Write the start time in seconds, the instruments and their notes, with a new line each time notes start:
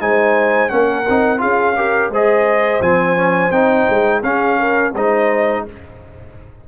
0.00 tuba G#3, trombone D#4, horn C5, trumpet G#5
0.69 tuba A#3, trombone C#4, horn A#4, trumpet F#5
1.09 tuba C4, trombone D#4
1.38 tuba C#4, trombone F4, horn G#4, trumpet F5
1.76 trombone G4, horn A#4
2.10 tuba G#3, trombone G#4, horn C5, trumpet D#5
2.80 tuba F3, trombone C4, trumpet G#5
3.16 trombone C#4
3.51 tuba C4, trombone D#4, trumpet G5
3.89 tuba G#3
4.23 tuba C#4, trombone C#4, horn G#4, trumpet F5
4.59 horn A#4
4.93 tuba G#3, trombone D#4, horn C5, trumpet D#5